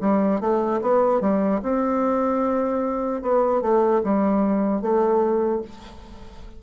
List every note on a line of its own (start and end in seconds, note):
0.00 0.40 G3
0.40 0.80 A3
0.81 1.20 B3
1.20 1.60 G3
1.62 3.22 C4
3.22 3.61 B3
3.61 4.01 A3
4.03 4.81 G3
4.81 5.61 A3